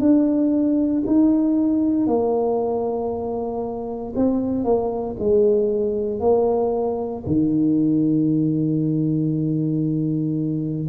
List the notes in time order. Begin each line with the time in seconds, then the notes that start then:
0.00 D4
1.06 D#4
2.07 A#3
4.16 C4
4.65 A#3
5.19 G#3
6.20 A#3
7.26 D#3